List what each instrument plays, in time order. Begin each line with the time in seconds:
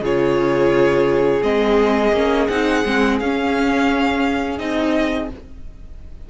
0.00 cello C#3, viola F4, violin G#4 C#5
1.41 cello G#3, viola C4, violin D#5
2.12 cello A#3, viola C#4
2.47 cello C4, viola D#4, violin F#5
2.85 cello G#3, viola C4
3.20 cello C#4, viola C#4, violin F5
4.58 cello C4, viola D#4, violin D#5